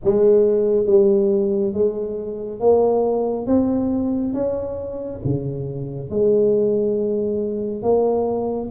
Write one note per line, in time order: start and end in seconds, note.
0.04 0.86 G#3
0.86 1.73 G3
1.73 2.60 G#3
2.60 3.46 A#3
3.46 4.33 C4
4.33 5.20 C#4
5.24 6.10 C#3
6.10 7.82 G#3
7.82 8.69 A#3